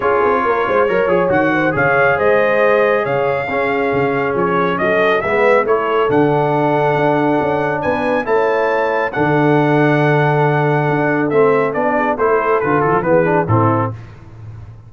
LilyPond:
<<
  \new Staff \with { instrumentName = "trumpet" } { \time 4/4 \tempo 4 = 138 cis''2. fis''4 | f''4 dis''2 f''4~ | f''2 cis''4 dis''4 | e''4 cis''4 fis''2~ |
fis''2 gis''4 a''4~ | a''4 fis''2.~ | fis''2 e''4 d''4 | c''4 b'8 a'8 b'4 a'4 | }
  \new Staff \with { instrumentName = "horn" } { \time 4/4 gis'4 ais'8 c''8 cis''4. c''8 | cis''4 c''2 cis''4 | gis'2. a'4 | b'4 a'2.~ |
a'2 b'4 cis''4~ | cis''4 a'2.~ | a'2.~ a'8 gis'8 | a'2 gis'4 e'4 | }
  \new Staff \with { instrumentName = "trombone" } { \time 4/4 f'2 ais'8 gis'8 fis'4 | gis'1 | cis'1 | b4 e'4 d'2~ |
d'2. e'4~ | e'4 d'2.~ | d'2 c'4 d'4 | e'4 f'4 b8 d'8 c'4 | }
  \new Staff \with { instrumentName = "tuba" } { \time 4/4 cis'8 c'8 ais8 gis8 fis8 f8 dis4 | cis4 gis2 cis4 | cis'4 cis4 f4 fis4 | gis4 a4 d2 |
d'4 cis'4 b4 a4~ | a4 d2.~ | d4 d'4 a4 b4 | a4 d8 e16 f16 e4 a,4 | }
>>